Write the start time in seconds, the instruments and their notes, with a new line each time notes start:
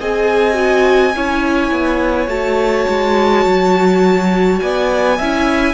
0.00 cello C4, viola G#4, violin D#5 G#5
0.54 viola F#4
1.15 cello C#4, viola E4, violin C#5
1.71 cello B3
2.28 cello A3, viola F#4, violin A5
2.89 cello G#3
3.46 cello F#3
4.60 cello B3, violin D5 G#5
5.18 cello C#4, viola E4, violin E5